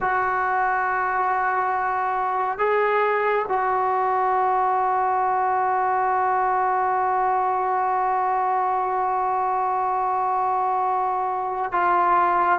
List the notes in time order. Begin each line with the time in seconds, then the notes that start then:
0.00 F#4
2.58 G#4
3.48 F#4
11.72 F4